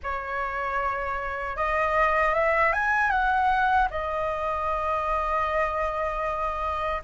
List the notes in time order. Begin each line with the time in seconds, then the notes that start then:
0.03 C#5
1.56 D#5
2.34 E5
2.72 G#5
3.10 F#5
3.90 D#5